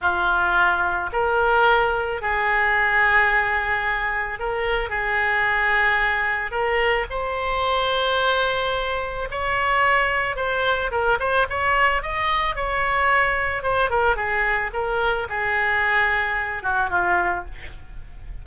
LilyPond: \new Staff \with { instrumentName = "oboe" } { \time 4/4 \tempo 4 = 110 f'2 ais'2 | gis'1 | ais'4 gis'2. | ais'4 c''2.~ |
c''4 cis''2 c''4 | ais'8 c''8 cis''4 dis''4 cis''4~ | cis''4 c''8 ais'8 gis'4 ais'4 | gis'2~ gis'8 fis'8 f'4 | }